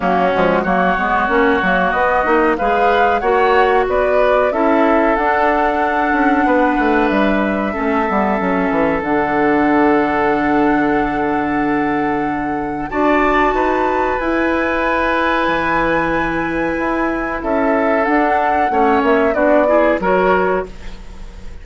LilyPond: <<
  \new Staff \with { instrumentName = "flute" } { \time 4/4 \tempo 4 = 93 fis'4 cis''2 dis''4 | f''4 fis''4 d''4 e''4 | fis''2. e''4~ | e''2 fis''2~ |
fis''1 | a''2 gis''2~ | gis''2. e''4 | fis''4. e''8 d''4 cis''4 | }
  \new Staff \with { instrumentName = "oboe" } { \time 4/4 cis'4 fis'2. | b'4 cis''4 b'4 a'4~ | a'2 b'2 | a'1~ |
a'1 | d''4 b'2.~ | b'2. a'4~ | a'4 cis''4 fis'8 gis'8 ais'4 | }
  \new Staff \with { instrumentName = "clarinet" } { \time 4/4 ais8 gis8 ais8 b8 cis'8 ais8 b8 dis'8 | gis'4 fis'2 e'4 | d'1 | cis'8 b8 cis'4 d'2~ |
d'1 | fis'2 e'2~ | e'1 | d'4 cis'4 d'8 e'8 fis'4 | }
  \new Staff \with { instrumentName = "bassoon" } { \time 4/4 fis8 f8 fis8 gis8 ais8 fis8 b8 ais8 | gis4 ais4 b4 cis'4 | d'4. cis'8 b8 a8 g4 | a8 g8 fis8 e8 d2~ |
d1 | d'4 dis'4 e'2 | e2 e'4 cis'4 | d'4 a8 ais8 b4 fis4 | }
>>